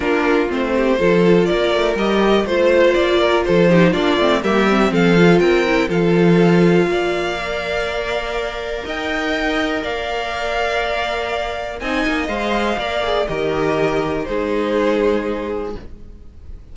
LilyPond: <<
  \new Staff \with { instrumentName = "violin" } { \time 4/4 \tempo 4 = 122 ais'4 c''2 d''4 | dis''4 c''4 d''4 c''4 | d''4 e''4 f''4 g''4 | f''1~ |
f''2 g''2 | f''1 | gis''4 f''2 dis''4~ | dis''4 c''2. | }
  \new Staff \with { instrumentName = "violin" } { \time 4/4 f'4. g'8 a'4 ais'4~ | ais'4 c''4. ais'8 a'8 g'8 | f'4 g'4 a'4 ais'4 | a'2 d''2~ |
d''2 dis''2 | d''1 | dis''2 d''4 ais'4~ | ais'4 gis'2. | }
  \new Staff \with { instrumentName = "viola" } { \time 4/4 d'4 c'4 f'2 | g'4 f'2~ f'8 dis'8 | d'8 c'8 ais8 c'4 f'4 e'8 | f'2. ais'4~ |
ais'1~ | ais'1 | dis'4 c''4 ais'8 gis'8 g'4~ | g'4 dis'2. | }
  \new Staff \with { instrumentName = "cello" } { \time 4/4 ais4 a4 f4 ais8 a8 | g4 a4 ais4 f4 | ais8 a8 g4 f4 c'4 | f2 ais2~ |
ais2 dis'2 | ais1 | c'8 ais8 gis4 ais4 dis4~ | dis4 gis2. | }
>>